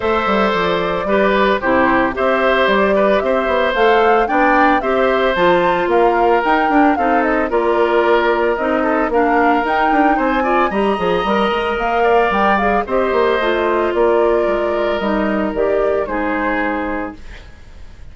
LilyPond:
<<
  \new Staff \with { instrumentName = "flute" } { \time 4/4 \tempo 4 = 112 e''4 d''2 c''4 | e''4 d''4 e''4 f''4 | g''4 e''4 a''4 f''4 | g''4 f''8 dis''8 d''2 |
dis''4 f''4 g''4 gis''4 | ais''2 f''4 g''8 f''8 | dis''2 d''2 | dis''4 d''4 c''2 | }
  \new Staff \with { instrumentName = "oboe" } { \time 4/4 c''2 b'4 g'4 | c''4. b'8 c''2 | d''4 c''2 ais'4~ | ais'4 a'4 ais'2~ |
ais'8 a'8 ais'2 c''8 d''8 | dis''2~ dis''8 d''4. | c''2 ais'2~ | ais'2 gis'2 | }
  \new Staff \with { instrumentName = "clarinet" } { \time 4/4 a'2 g'4 e'4 | g'2. a'4 | d'4 g'4 f'2 | dis'8 d'8 dis'4 f'2 |
dis'4 d'4 dis'4. f'8 | g'8 gis'8 ais'2~ ais'8 gis'8 | g'4 f'2. | dis'4 g'4 dis'2 | }
  \new Staff \with { instrumentName = "bassoon" } { \time 4/4 a8 g8 f4 g4 c4 | c'4 g4 c'8 b8 a4 | b4 c'4 f4 ais4 | dis'8 d'8 c'4 ais2 |
c'4 ais4 dis'8 d'8 c'4 | g8 f8 g8 gis8 ais4 g4 | c'8 ais8 a4 ais4 gis4 | g4 dis4 gis2 | }
>>